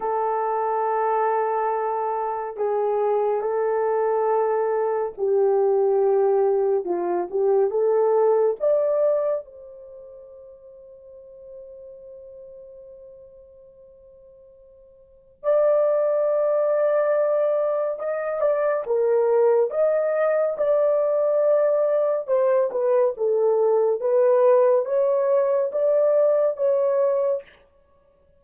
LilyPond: \new Staff \with { instrumentName = "horn" } { \time 4/4 \tempo 4 = 70 a'2. gis'4 | a'2 g'2 | f'8 g'8 a'4 d''4 c''4~ | c''1~ |
c''2 d''2~ | d''4 dis''8 d''8 ais'4 dis''4 | d''2 c''8 b'8 a'4 | b'4 cis''4 d''4 cis''4 | }